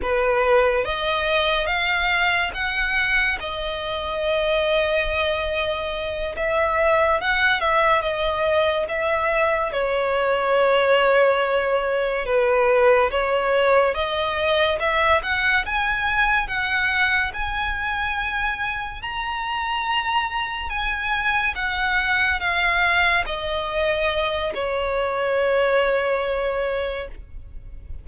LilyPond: \new Staff \with { instrumentName = "violin" } { \time 4/4 \tempo 4 = 71 b'4 dis''4 f''4 fis''4 | dis''2.~ dis''8 e''8~ | e''8 fis''8 e''8 dis''4 e''4 cis''8~ | cis''2~ cis''8 b'4 cis''8~ |
cis''8 dis''4 e''8 fis''8 gis''4 fis''8~ | fis''8 gis''2 ais''4.~ | ais''8 gis''4 fis''4 f''4 dis''8~ | dis''4 cis''2. | }